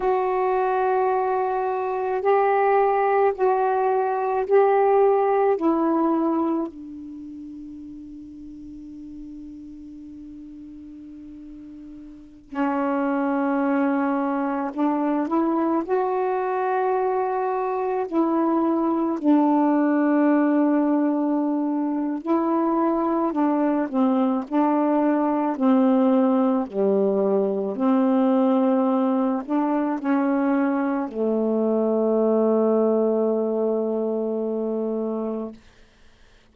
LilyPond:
\new Staff \with { instrumentName = "saxophone" } { \time 4/4 \tempo 4 = 54 fis'2 g'4 fis'4 | g'4 e'4 d'2~ | d'2.~ d'16 cis'8.~ | cis'4~ cis'16 d'8 e'8 fis'4.~ fis'16~ |
fis'16 e'4 d'2~ d'8. | e'4 d'8 c'8 d'4 c'4 | g4 c'4. d'8 cis'4 | a1 | }